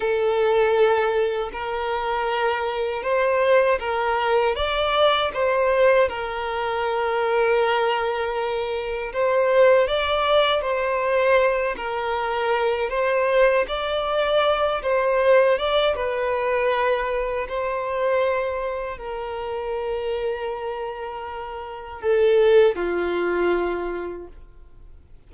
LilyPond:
\new Staff \with { instrumentName = "violin" } { \time 4/4 \tempo 4 = 79 a'2 ais'2 | c''4 ais'4 d''4 c''4 | ais'1 | c''4 d''4 c''4. ais'8~ |
ais'4 c''4 d''4. c''8~ | c''8 d''8 b'2 c''4~ | c''4 ais'2.~ | ais'4 a'4 f'2 | }